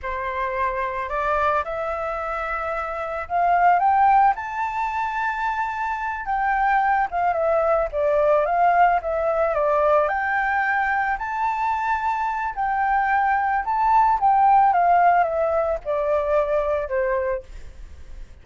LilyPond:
\new Staff \with { instrumentName = "flute" } { \time 4/4 \tempo 4 = 110 c''2 d''4 e''4~ | e''2 f''4 g''4 | a''2.~ a''8 g''8~ | g''4 f''8 e''4 d''4 f''8~ |
f''8 e''4 d''4 g''4.~ | g''8 a''2~ a''8 g''4~ | g''4 a''4 g''4 f''4 | e''4 d''2 c''4 | }